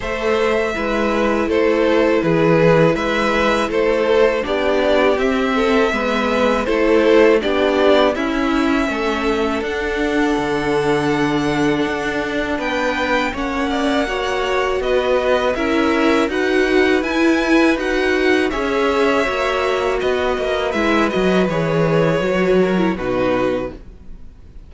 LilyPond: <<
  \new Staff \with { instrumentName = "violin" } { \time 4/4 \tempo 4 = 81 e''2 c''4 b'4 | e''4 c''4 d''4 e''4~ | e''4 c''4 d''4 e''4~ | e''4 fis''2.~ |
fis''4 g''4 fis''2 | dis''4 e''4 fis''4 gis''4 | fis''4 e''2 dis''4 | e''8 dis''8 cis''2 b'4 | }
  \new Staff \with { instrumentName = "violin" } { \time 4/4 c''4 b'4 a'4 gis'4 | b'4 a'4 g'4. a'8 | b'4 a'4 g'4 e'4 | a'1~ |
a'4 b'4 cis''8 d''8 cis''4 | b'4 ais'4 b'2~ | b'4 cis''2 b'4~ | b'2~ b'8 ais'8 fis'4 | }
  \new Staff \with { instrumentName = "viola" } { \time 4/4 a'4 e'2.~ | e'2 d'4 c'4 | b4 e'4 d'4 cis'4~ | cis'4 d'2.~ |
d'2 cis'4 fis'4~ | fis'4 e'4 fis'4 e'4 | fis'4 gis'4 fis'2 | e'8 fis'8 gis'4 fis'8. e'16 dis'4 | }
  \new Staff \with { instrumentName = "cello" } { \time 4/4 a4 gis4 a4 e4 | gis4 a4 b4 c'4 | gis4 a4 b4 cis'4 | a4 d'4 d2 |
d'4 b4 ais2 | b4 cis'4 dis'4 e'4 | dis'4 cis'4 ais4 b8 ais8 | gis8 fis8 e4 fis4 b,4 | }
>>